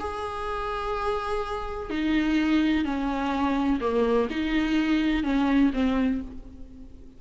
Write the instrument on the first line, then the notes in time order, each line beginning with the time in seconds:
viola
0.00 G#4
1.90 D#4
2.85 C#4
3.81 A#3
4.30 D#4
5.24 C#4
5.74 C4